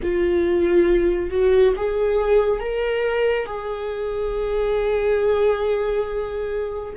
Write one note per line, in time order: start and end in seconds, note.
0.02 1.30 F4
1.30 1.74 F#4
1.76 2.59 G#4
2.59 3.45 A#4
3.45 6.93 G#4